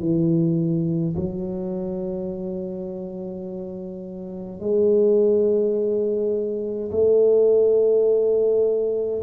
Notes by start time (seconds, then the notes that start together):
0.00 E3
1.16 F#3
4.60 G#3
6.91 A3